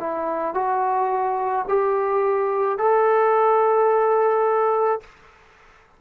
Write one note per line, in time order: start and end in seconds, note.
0.00 0.55 E4
0.55 1.66 F#4
1.69 2.79 G4
2.79 5.01 A4